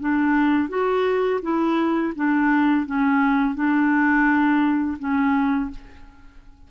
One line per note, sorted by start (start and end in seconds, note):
0.00 0.69 D4
0.69 1.40 F#4
1.42 2.13 E4
2.16 2.86 D4
2.86 3.55 C#4
3.55 4.98 D4
4.99 5.70 C#4